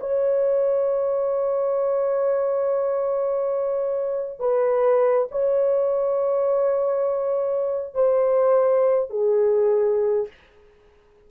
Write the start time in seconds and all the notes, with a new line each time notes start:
0.00 C#5
4.40 B4
5.32 C#5
7.95 C5
9.10 G#4